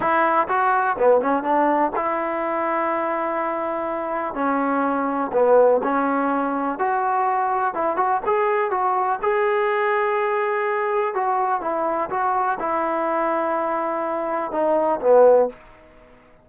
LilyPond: \new Staff \with { instrumentName = "trombone" } { \time 4/4 \tempo 4 = 124 e'4 fis'4 b8 cis'8 d'4 | e'1~ | e'4 cis'2 b4 | cis'2 fis'2 |
e'8 fis'8 gis'4 fis'4 gis'4~ | gis'2. fis'4 | e'4 fis'4 e'2~ | e'2 dis'4 b4 | }